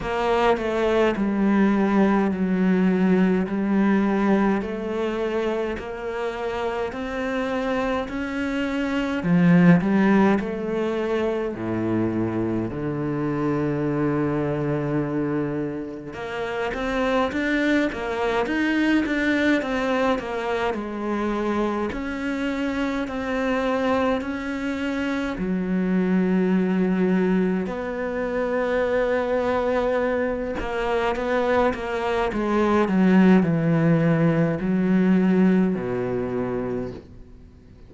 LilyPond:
\new Staff \with { instrumentName = "cello" } { \time 4/4 \tempo 4 = 52 ais8 a8 g4 fis4 g4 | a4 ais4 c'4 cis'4 | f8 g8 a4 a,4 d4~ | d2 ais8 c'8 d'8 ais8 |
dis'8 d'8 c'8 ais8 gis4 cis'4 | c'4 cis'4 fis2 | b2~ b8 ais8 b8 ais8 | gis8 fis8 e4 fis4 b,4 | }